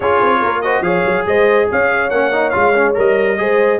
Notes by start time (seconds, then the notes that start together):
0.00 C#4 F4 G#4 C#5
0.21 C4
0.41 A#3 A#4
0.61 F#4 C5 D#5
0.81 F3 G#4 C#5 F5
1.05 F#3
1.26 G#3 C5 D#5
1.70 C#4 C#5 F5
2.10 A#3 C#4 F#5
2.32 D#4
2.50 G#3 F4 F5
2.74 C#4
2.94 G3 A#4 D#5
3.37 G#3 G#4 C5